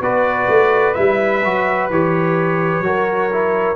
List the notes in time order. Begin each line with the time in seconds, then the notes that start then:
0.00 B3 F#4 B4 D5
0.47 A3
0.94 G3 E4 E5
1.44 F#3 F#4
1.90 E3 G4 C#5
2.80 F#3 F#4 A#4
3.32 E4